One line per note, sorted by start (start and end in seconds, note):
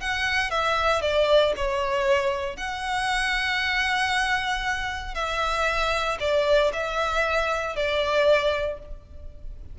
0.00 0.50 F#5
0.50 1.01 E5
1.01 1.53 D5
1.56 2.56 C#5
2.56 5.14 F#5
5.14 6.18 E5
6.20 6.71 D5
6.73 7.75 E5
7.75 8.79 D5